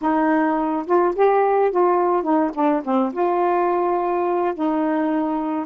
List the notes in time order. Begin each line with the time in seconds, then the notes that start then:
0.01 D#4
0.86 F4
1.15 G4
1.71 F4
2.23 D#4
2.54 D4
2.84 C4
3.12 F4
4.54 D#4